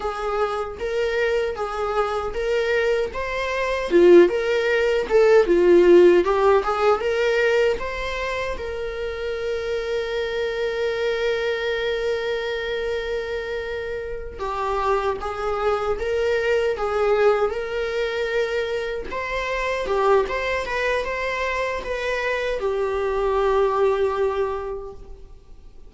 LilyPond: \new Staff \with { instrumentName = "viola" } { \time 4/4 \tempo 4 = 77 gis'4 ais'4 gis'4 ais'4 | c''4 f'8 ais'4 a'8 f'4 | g'8 gis'8 ais'4 c''4 ais'4~ | ais'1~ |
ais'2~ ais'8 g'4 gis'8~ | gis'8 ais'4 gis'4 ais'4.~ | ais'8 c''4 g'8 c''8 b'8 c''4 | b'4 g'2. | }